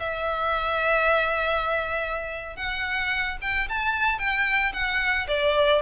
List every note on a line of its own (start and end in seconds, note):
0.00 2.57 E5
2.57 3.38 F#5
3.42 3.69 G5
3.70 4.19 A5
4.19 4.73 G5
4.73 5.28 F#5
5.28 5.82 D5